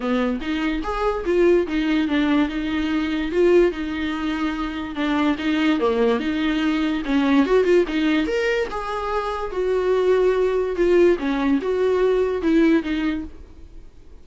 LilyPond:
\new Staff \with { instrumentName = "viola" } { \time 4/4 \tempo 4 = 145 b4 dis'4 gis'4 f'4 | dis'4 d'4 dis'2 | f'4 dis'2. | d'4 dis'4 ais4 dis'4~ |
dis'4 cis'4 fis'8 f'8 dis'4 | ais'4 gis'2 fis'4~ | fis'2 f'4 cis'4 | fis'2 e'4 dis'4 | }